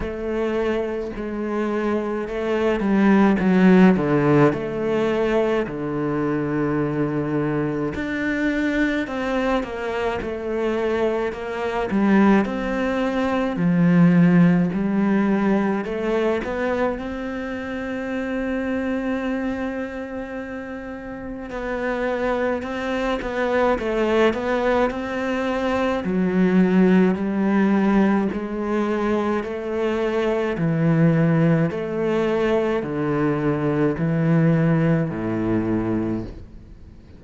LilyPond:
\new Staff \with { instrumentName = "cello" } { \time 4/4 \tempo 4 = 53 a4 gis4 a8 g8 fis8 d8 | a4 d2 d'4 | c'8 ais8 a4 ais8 g8 c'4 | f4 g4 a8 b8 c'4~ |
c'2. b4 | c'8 b8 a8 b8 c'4 fis4 | g4 gis4 a4 e4 | a4 d4 e4 a,4 | }